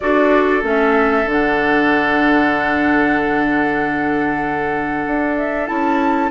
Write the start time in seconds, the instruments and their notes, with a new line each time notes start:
0.00 bassoon D4, clarinet F#4, oboe A4, flute D5
0.62 bassoon A3, clarinet C#4, flute E5
1.25 bassoon D3, clarinet D4, flute F#5
5.06 bassoon D4
5.37 flute E5
5.66 bassoon C#4, clarinet E4, flute A5